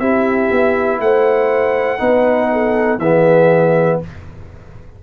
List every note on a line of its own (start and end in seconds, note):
0.00 0.50 C4
0.00 1.99 E4
0.00 1.00 G4
0.00 1.00 E5
0.51 1.00 B3
1.00 2.00 A3
1.00 2.01 C5
1.00 3.00 F#5
1.99 2.98 B3
1.99 2.99 D#4
1.99 2.51 B4
2.53 3.00 A4
2.98 3.98 E3
2.98 4.03 B3
2.98 4.00 G#4
2.98 4.00 E5